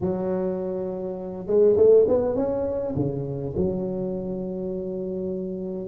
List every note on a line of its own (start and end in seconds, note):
0.00 1.47 F#3
1.47 1.76 G#3
1.76 2.06 A3
2.07 2.35 B3
2.35 2.94 C#4
2.95 3.54 C#3
3.56 5.88 F#3